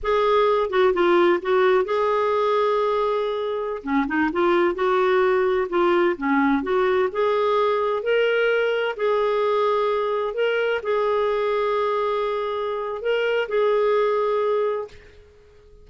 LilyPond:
\new Staff \with { instrumentName = "clarinet" } { \time 4/4 \tempo 4 = 129 gis'4. fis'8 f'4 fis'4 | gis'1~ | gis'16 cis'8 dis'8 f'4 fis'4.~ fis'16~ | fis'16 f'4 cis'4 fis'4 gis'8.~ |
gis'4~ gis'16 ais'2 gis'8.~ | gis'2~ gis'16 ais'4 gis'8.~ | gis'1 | ais'4 gis'2. | }